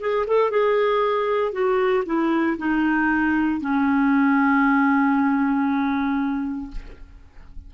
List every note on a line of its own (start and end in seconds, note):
0.00 0.26 G#4
0.27 0.51 A4
0.51 1.52 G#4
1.52 2.04 F#4
2.05 2.57 E4
2.58 3.61 D#4
3.61 6.71 C#4